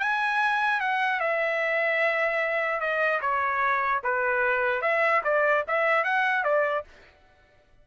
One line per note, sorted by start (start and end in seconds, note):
0.00 0.81 G#5
0.81 1.20 F#5
1.20 2.81 E5
2.81 3.21 D#5
3.21 4.02 C#5
4.04 4.82 B4
4.82 5.22 E5
5.24 5.65 D5
5.68 6.04 E5
6.04 6.44 F#5
6.44 6.85 D5